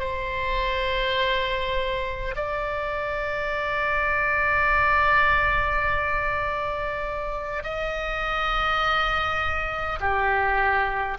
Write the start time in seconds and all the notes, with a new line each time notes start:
0.00 C5
2.36 D5
7.64 D#5
10.01 G4